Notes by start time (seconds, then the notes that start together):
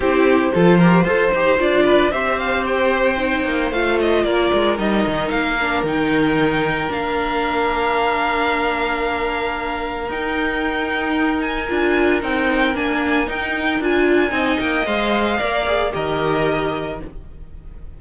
0.00 C4 E4 G4 C5
0.53 F3 F4 A4
0.78 G4 A#4
1.03 F4 A4 C5
1.33 D#4 G4
1.58 D4 F4 D5
1.85 B4
2.11 C4 G4 C5 E5
2.38 F5
2.66 G5
3.17 D#4
3.45 A#3
3.70 A3 F4 F5
4.00 D#5
4.24 A#3 A#4 D5
4.53 G#3
4.77 G3 D#4 D#5
5.06 D#3
5.29 A#3 F5
5.60 D4
5.83 D#3 D#4 G5
6.88 A#3 D4 F5
10.09 D#4 G5
11.40 G#5
11.68 D4 F4
12.20 C4 D#4 G5
12.74 A#3 D4 G#5
13.26 D#4 G5
13.80 D4 F4 G#5
14.29 C4 D#4 D#5
14.59 A#3 G5
14.86 G#3 C5 F5
15.39 A#3 A#4 D5
15.66 G#4
15.91 D#3 G4 A#4 D#5